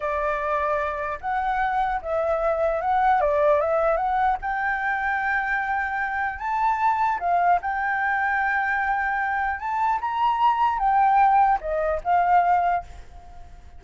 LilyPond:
\new Staff \with { instrumentName = "flute" } { \time 4/4 \tempo 4 = 150 d''2. fis''4~ | fis''4 e''2 fis''4 | d''4 e''4 fis''4 g''4~ | g''1 |
a''2 f''4 g''4~ | g''1 | a''4 ais''2 g''4~ | g''4 dis''4 f''2 | }